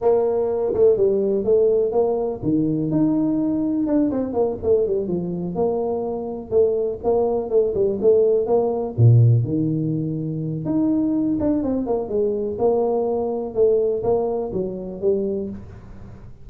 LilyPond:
\new Staff \with { instrumentName = "tuba" } { \time 4/4 \tempo 4 = 124 ais4. a8 g4 a4 | ais4 dis4 dis'2 | d'8 c'8 ais8 a8 g8 f4 ais8~ | ais4. a4 ais4 a8 |
g8 a4 ais4 ais,4 dis8~ | dis2 dis'4. d'8 | c'8 ais8 gis4 ais2 | a4 ais4 fis4 g4 | }